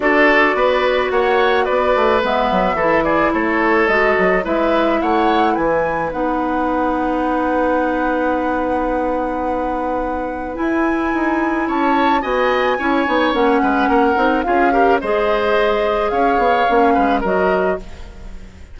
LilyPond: <<
  \new Staff \with { instrumentName = "flute" } { \time 4/4 \tempo 4 = 108 d''2 fis''4 d''4 | e''4. d''8 cis''4 dis''4 | e''4 fis''4 gis''4 fis''4~ | fis''1~ |
fis''2. gis''4~ | gis''4 a''4 gis''2 | fis''2 f''4 dis''4~ | dis''4 f''2 dis''4 | }
  \new Staff \with { instrumentName = "oboe" } { \time 4/4 a'4 b'4 cis''4 b'4~ | b'4 a'8 gis'8 a'2 | b'4 cis''4 b'2~ | b'1~ |
b'1~ | b'4 cis''4 dis''4 cis''4~ | cis''8 b'8 ais'4 gis'8 ais'8 c''4~ | c''4 cis''4. b'8 ais'4 | }
  \new Staff \with { instrumentName = "clarinet" } { \time 4/4 fis'1 | b4 e'2 fis'4 | e'2. dis'4~ | dis'1~ |
dis'2. e'4~ | e'2 fis'4 e'8 dis'8 | cis'4. dis'8 f'8 g'8 gis'4~ | gis'2 cis'4 fis'4 | }
  \new Staff \with { instrumentName = "bassoon" } { \time 4/4 d'4 b4 ais4 b8 a8 | gis8 fis8 e4 a4 gis8 fis8 | gis4 a4 e4 b4~ | b1~ |
b2. e'4 | dis'4 cis'4 b4 cis'8 b8 | ais8 gis8 ais8 c'8 cis'4 gis4~ | gis4 cis'8 b8 ais8 gis8 fis4 | }
>>